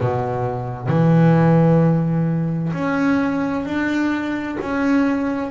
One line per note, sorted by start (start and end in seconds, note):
0.00 0.88 B2
0.88 2.73 E3
2.73 3.65 C#4
3.65 4.57 D4
4.61 5.50 C#4